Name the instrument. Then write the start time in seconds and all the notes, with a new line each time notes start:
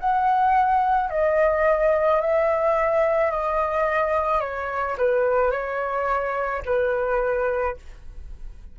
flute
0.00 F#5
1.10 D#5
2.21 E5
3.31 D#5
4.41 C#5
4.98 B4
5.52 C#5
6.66 B4